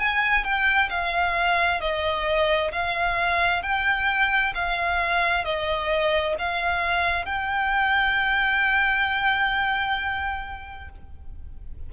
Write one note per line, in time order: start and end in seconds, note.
0.00 0.45 G#5
0.45 0.90 G5
0.90 1.81 F5
1.81 2.72 D#5
2.72 3.63 F5
3.63 4.54 G5
4.55 5.45 F5
5.45 6.36 D#5
6.39 7.26 F5
7.26 10.90 G5